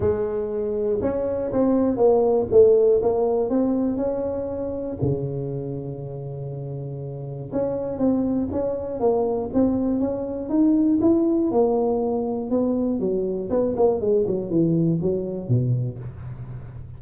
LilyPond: \new Staff \with { instrumentName = "tuba" } { \time 4/4 \tempo 4 = 120 gis2 cis'4 c'4 | ais4 a4 ais4 c'4 | cis'2 cis2~ | cis2. cis'4 |
c'4 cis'4 ais4 c'4 | cis'4 dis'4 e'4 ais4~ | ais4 b4 fis4 b8 ais8 | gis8 fis8 e4 fis4 b,4 | }